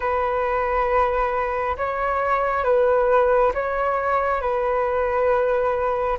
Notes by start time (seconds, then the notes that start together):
0.00 B4
1.76 C#5
2.64 B4
3.54 C#5
4.41 B4